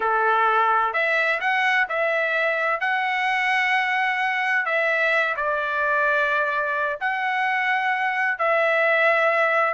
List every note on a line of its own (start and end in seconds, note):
0.00 0.93 A4
0.93 1.40 E5
1.40 1.87 F#5
1.88 2.80 E5
2.80 4.65 F#5
4.65 5.35 E5
5.36 6.99 D5
7.00 8.38 F#5
8.38 9.74 E5